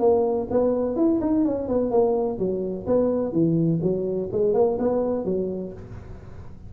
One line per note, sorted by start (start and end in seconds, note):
0.00 0.48 A#3
0.51 0.96 B3
0.96 1.20 E4
1.21 1.45 D#4
1.45 1.68 C#4
1.68 1.91 B3
1.91 2.39 A#3
2.39 2.86 F#3
2.87 3.32 B3
3.32 3.80 E3
3.82 4.30 F#3
4.32 4.54 G#3
4.54 4.78 A#3
4.79 5.25 B3
5.25 5.73 F#3